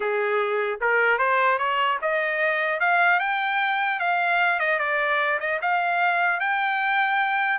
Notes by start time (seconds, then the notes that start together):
0.00 G#4
0.81 A#4
1.18 C5
1.58 C#5
2.01 D#5
2.79 F5
3.19 G5
3.99 F5
4.59 D#5
4.79 D5
5.40 D#5
5.61 F5
6.39 G5